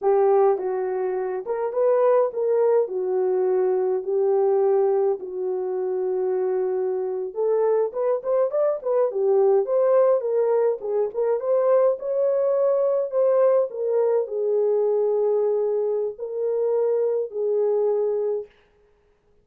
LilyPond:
\new Staff \with { instrumentName = "horn" } { \time 4/4 \tempo 4 = 104 g'4 fis'4. ais'8 b'4 | ais'4 fis'2 g'4~ | g'4 fis'2.~ | fis'8. a'4 b'8 c''8 d''8 b'8 g'16~ |
g'8. c''4 ais'4 gis'8 ais'8 c''16~ | c''8. cis''2 c''4 ais'16~ | ais'8. gis'2.~ gis'16 | ais'2 gis'2 | }